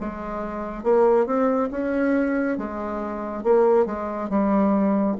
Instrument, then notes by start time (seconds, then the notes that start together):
bassoon
0.00 G#3
0.83 A#3
1.26 C4
1.71 C#4
2.57 G#3
3.43 A#3
3.85 G#3
4.29 G3